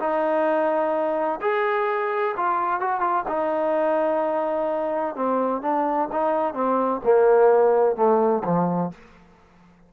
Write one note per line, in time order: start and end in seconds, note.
0.00 1.41 D#4
1.42 2.35 G#4
2.37 2.81 F4
2.81 3.01 F#4
3.01 3.24 F4
3.29 5.16 D#4
5.16 5.62 C4
5.62 6.09 D4
6.12 6.55 D#4
6.55 7.01 C4
7.05 7.96 A#3
7.96 8.43 A3
8.45 8.92 F3